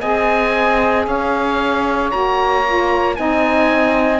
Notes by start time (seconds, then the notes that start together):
0.00 C4 G#4 D#5 G#5
1.05 C#4 C#5 F5
2.10 A#3 F#4 A#5
2.65 F4
3.15 C4 D#4 D#5 G#5